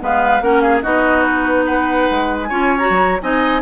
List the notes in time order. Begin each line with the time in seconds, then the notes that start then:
0.00 G#3 B3 B4 F5
0.41 A#3 C#4 A#4 F#5
0.61 G#4 F5
0.82 B3 D#4 F#4 D#5
1.23 B4
1.65 B4 F#5
2.11 G#3
2.43 C#5 G#5
2.50 C#4 F4
2.78 F#4 A#5
2.90 F#3
3.21 C4 D#4 D#5 G#5